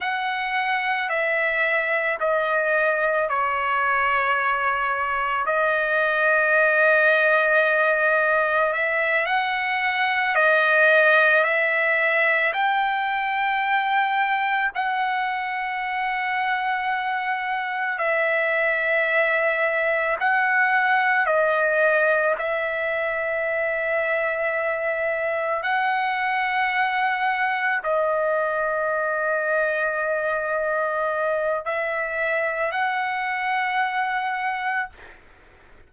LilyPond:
\new Staff \with { instrumentName = "trumpet" } { \time 4/4 \tempo 4 = 55 fis''4 e''4 dis''4 cis''4~ | cis''4 dis''2. | e''8 fis''4 dis''4 e''4 g''8~ | g''4. fis''2~ fis''8~ |
fis''8 e''2 fis''4 dis''8~ | dis''8 e''2. fis''8~ | fis''4. dis''2~ dis''8~ | dis''4 e''4 fis''2 | }